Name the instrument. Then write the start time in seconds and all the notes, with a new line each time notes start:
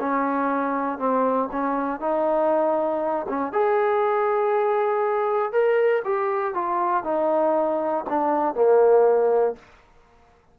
trombone
0.00 C#4
0.99 C4
1.52 C#4
2.01 D#4
3.29 C#4
3.53 G#4
5.52 A#4
6.05 G4
6.55 F4
7.04 D#4
8.09 D4
8.55 A#3